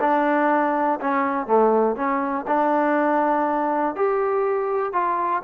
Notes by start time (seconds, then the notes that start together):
0.00 D4
1.00 C#4
1.47 A3
1.95 C#4
2.47 D4
3.95 G4
4.92 F4